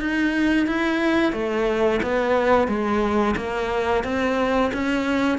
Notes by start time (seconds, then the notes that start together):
0.00 D#4
0.67 E4
1.33 A3
2.02 B3
2.68 G#3
3.36 A#3
4.04 C4
4.73 C#4